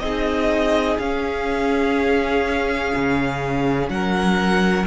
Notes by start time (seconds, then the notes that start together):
0.00 C4 D#4 G#4 D#5
0.99 C#4 F5
2.95 C#3
3.89 F#3 A#4 F#5